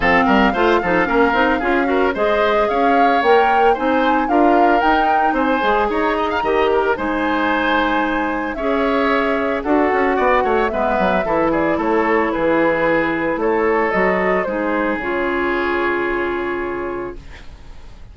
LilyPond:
<<
  \new Staff \with { instrumentName = "flute" } { \time 4/4 \tempo 4 = 112 f''1 | dis''4 f''4 g''4 gis''4 | f''4 g''4 gis''4 ais''4~ | ais''4 gis''2. |
e''2 fis''2 | e''4. d''8 cis''4 b'4~ | b'4 cis''4 dis''4 c''4 | cis''1 | }
  \new Staff \with { instrumentName = "oboe" } { \time 4/4 a'8 ais'8 c''8 a'8 ais'4 gis'8 ais'8 | c''4 cis''2 c''4 | ais'2 c''4 cis''8 dis''16 f''16 | dis''8 ais'8 c''2. |
cis''2 a'4 d''8 cis''8 | b'4 a'8 gis'8 a'4 gis'4~ | gis'4 a'2 gis'4~ | gis'1 | }
  \new Staff \with { instrumentName = "clarinet" } { \time 4/4 c'4 f'8 dis'8 cis'8 dis'8 f'8 fis'8 | gis'2 ais'4 dis'4 | f'4 dis'4. gis'4. | g'4 dis'2. |
gis'2 fis'2 | b4 e'2.~ | e'2 fis'4 dis'4 | f'1 | }
  \new Staff \with { instrumentName = "bassoon" } { \time 4/4 f8 g8 a8 f8 ais8 c'8 cis'4 | gis4 cis'4 ais4 c'4 | d'4 dis'4 c'8 gis8 dis'4 | dis4 gis2. |
cis'2 d'8 cis'8 b8 a8 | gis8 fis8 e4 a4 e4~ | e4 a4 fis4 gis4 | cis1 | }
>>